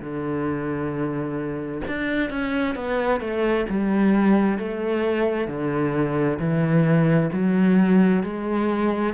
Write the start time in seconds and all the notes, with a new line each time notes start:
0.00 D3
1.88 D4
2.30 C#4
2.76 B3
3.21 A3
3.69 G3
4.59 A3
5.48 D3
6.40 E3
7.33 F#3
8.24 G#3